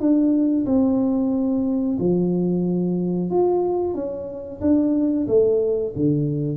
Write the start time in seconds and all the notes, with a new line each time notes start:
0.00 D4
0.66 C4
1.99 F3
3.31 F4
3.95 C#4
4.62 D4
5.28 A3
5.96 D3